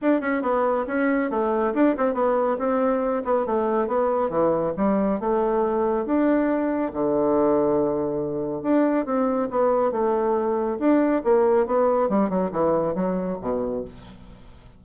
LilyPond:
\new Staff \with { instrumentName = "bassoon" } { \time 4/4 \tempo 4 = 139 d'8 cis'8 b4 cis'4 a4 | d'8 c'8 b4 c'4. b8 | a4 b4 e4 g4 | a2 d'2 |
d1 | d'4 c'4 b4 a4~ | a4 d'4 ais4 b4 | g8 fis8 e4 fis4 b,4 | }